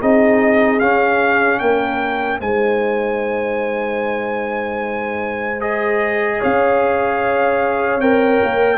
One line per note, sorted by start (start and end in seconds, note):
0.00 0.82 C4
0.00 0.81 D#4
0.00 1.60 G#4
0.00 0.80 D#5
0.80 1.61 C#4
0.80 2.42 C#4
0.80 1.59 F5
1.59 2.41 A#3
1.59 2.39 A#4
1.59 2.39 G5
2.39 6.41 G#3
2.39 5.60 D#4
2.39 6.38 C5
2.39 5.61 G#5
5.60 8.00 G#4
5.60 6.41 D#5
6.38 8.01 C#4
6.38 8.78 C#5
6.38 8.01 F5
8.01 8.41 C4
8.01 8.78 A#4
8.01 8.78 G5
8.44 8.78 A#3